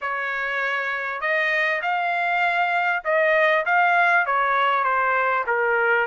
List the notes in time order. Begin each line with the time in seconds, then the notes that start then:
0.01 C#5
1.20 D#5
1.82 F5
3.04 D#5
3.65 F5
4.26 C#5
4.83 C5
5.46 A#4